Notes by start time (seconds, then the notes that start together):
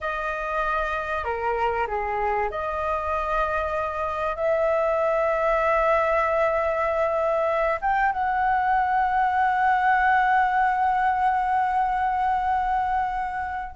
0.00 D#5
1.24 A#4
1.87 G#4
2.50 D#5
4.36 E5
7.81 G5
8.12 F#5